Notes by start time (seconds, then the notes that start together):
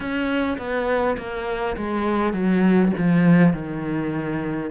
0.00 C#4
0.58 B3
1.17 A#3
1.76 G#3
2.33 F#3
2.97 F3
3.53 D#3